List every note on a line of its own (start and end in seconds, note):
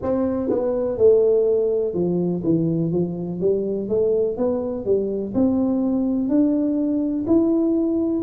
0.02 0.49 C4
0.49 0.97 B3
0.97 1.94 A3
1.94 2.42 F3
2.43 2.92 E3
2.92 3.40 F3
3.40 3.88 G3
3.88 4.37 A3
4.37 4.85 B3
4.85 5.33 G3
5.34 6.28 C4
6.28 7.25 D4
7.26 8.22 E4